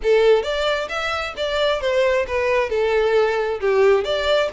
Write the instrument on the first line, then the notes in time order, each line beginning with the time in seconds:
violin
0.02 A4
0.42 D5
0.89 E5
1.37 D5
1.80 C5
2.27 B4
2.69 A4
3.60 G4
4.04 D5